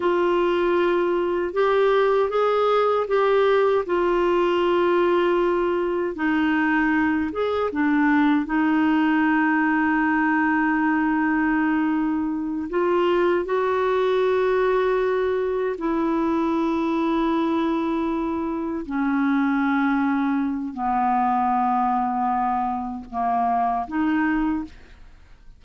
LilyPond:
\new Staff \with { instrumentName = "clarinet" } { \time 4/4 \tempo 4 = 78 f'2 g'4 gis'4 | g'4 f'2. | dis'4. gis'8 d'4 dis'4~ | dis'1~ |
dis'8 f'4 fis'2~ fis'8~ | fis'8 e'2.~ e'8~ | e'8 cis'2~ cis'8 b4~ | b2 ais4 dis'4 | }